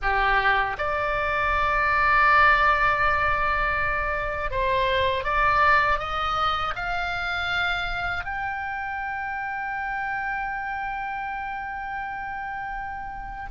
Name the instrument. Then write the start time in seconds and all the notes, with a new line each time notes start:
oboe
0.02 G4
0.77 D5
4.50 C5
5.23 D5
5.98 D#5
6.75 F5
8.24 G5